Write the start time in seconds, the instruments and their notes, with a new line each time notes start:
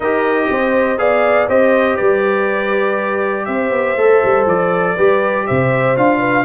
0.00 tuba D#4, trombone G4, horn A#4, trumpet D#5
0.50 tuba C4, horn C5
0.98 tuba B3, trombone G#4, horn D5, trumpet F5
1.48 tuba C4, trombone G4, horn C5, trumpet D#5
1.96 tuba G3, horn B4, trumpet D5
3.45 tuba C4, horn C5, trumpet E5
3.70 tuba B3
3.96 tuba A3, trombone A4
4.24 tuba G3
4.46 tuba F3, trumpet D5
4.95 tuba G3, trombone G4, horn B4
5.46 tuba C3, horn C5, trumpet E5
5.96 tuba D4, trombone F4, trumpet F5
6.18 horn B4